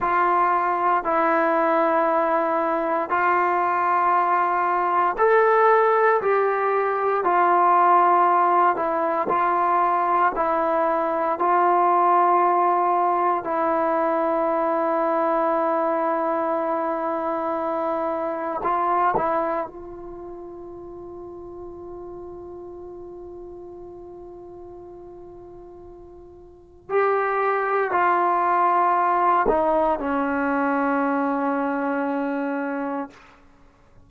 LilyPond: \new Staff \with { instrumentName = "trombone" } { \time 4/4 \tempo 4 = 58 f'4 e'2 f'4~ | f'4 a'4 g'4 f'4~ | f'8 e'8 f'4 e'4 f'4~ | f'4 e'2.~ |
e'2 f'8 e'8 f'4~ | f'1~ | f'2 g'4 f'4~ | f'8 dis'8 cis'2. | }